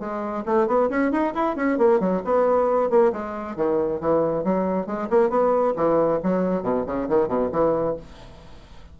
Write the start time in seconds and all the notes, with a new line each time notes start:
0.00 G#3
0.46 A3
0.68 B3
0.90 C#4
1.12 D#4
1.35 E4
1.56 C#4
1.78 A#3
2.00 F#3
2.25 B3
2.90 A#3
3.13 G#3
3.57 D#3
4.01 E3
4.44 F#3
4.86 G#3
5.10 A#3
5.30 B3
5.76 E3
6.23 F#3
6.63 B2
6.87 C#3
7.09 D#3
7.28 B2
7.52 E3